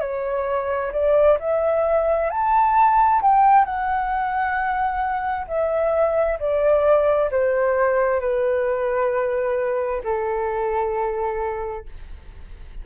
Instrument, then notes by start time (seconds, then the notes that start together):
flute
0.00 C#5
0.92 D5
1.39 E5
2.30 A5
3.21 G5
3.65 F#5
5.48 E5
6.39 D5
7.31 C5
8.20 B4
10.04 A4